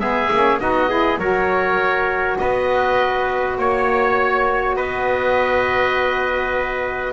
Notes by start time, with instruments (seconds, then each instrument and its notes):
0.00 double bass G#3, saxophone B3, trumpet G#4, oboe E5
0.32 double bass A#3, saxophone C#4
0.60 double bass B3, saxophone D#4, trumpet F#4, oboe D#5
0.89 saxophone E4, trumpet G#4
1.18 double bass F#3, saxophone F#4, trumpet A#4, oboe C#5
2.38 double bass B3, trumpet B4, oboe D#5
3.58 double bass A#3, trumpet C#5, oboe C#5
4.76 double bass B3, trumpet B4, oboe D#5